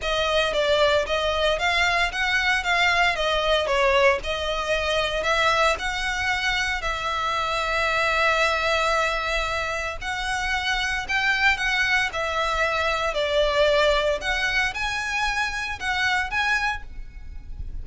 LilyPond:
\new Staff \with { instrumentName = "violin" } { \time 4/4 \tempo 4 = 114 dis''4 d''4 dis''4 f''4 | fis''4 f''4 dis''4 cis''4 | dis''2 e''4 fis''4~ | fis''4 e''2.~ |
e''2. fis''4~ | fis''4 g''4 fis''4 e''4~ | e''4 d''2 fis''4 | gis''2 fis''4 gis''4 | }